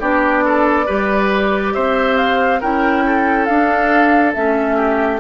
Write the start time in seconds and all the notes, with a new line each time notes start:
0.00 B3 D4 G4 D5
0.45 A4
0.86 G3 G4 B4
1.74 C4 C5 E5
2.17 F5
2.61 C#4 E4 A#4 G5
3.07 A4
3.45 D4 F5
4.34 A3 C#4 E5
4.76 G4